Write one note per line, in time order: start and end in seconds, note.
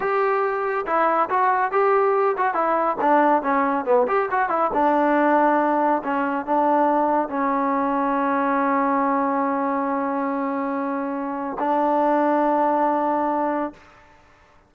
0.00 0.85 G4
0.86 1.29 E4
1.29 1.71 F#4
1.71 2.36 G4
2.37 2.54 F#4
2.54 2.96 E4
3.00 3.42 D4
3.42 3.85 C#4
3.85 4.06 B3
4.07 4.29 G4
4.31 4.49 F#4
4.49 4.70 E4
4.73 6.02 D4
6.03 6.45 C#4
6.45 7.28 D4
7.28 11.57 C#4
11.59 13.73 D4